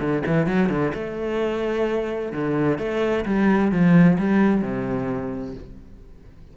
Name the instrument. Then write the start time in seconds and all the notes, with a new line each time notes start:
cello
0.00 D3
0.27 E3
0.47 F#3
0.69 D3
0.94 A3
2.32 D3
2.79 A3
3.26 G3
3.72 F3
4.19 G3
4.62 C3